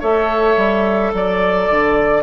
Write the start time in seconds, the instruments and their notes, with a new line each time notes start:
0.00 bassoon A3, clarinet A4, oboe C#5, flute E5
0.56 bassoon G3
1.13 bassoon F#3, flute D5, oboe D5
1.69 bassoon D3